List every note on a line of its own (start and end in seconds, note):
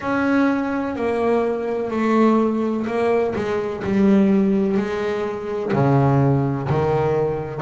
0.00 0.95 C#4
0.95 1.90 A#3
1.90 2.86 A3
2.86 3.34 A#3
3.35 3.83 G#3
3.84 4.77 G3
4.77 5.72 G#3
5.73 6.68 C#3
6.69 7.61 D#3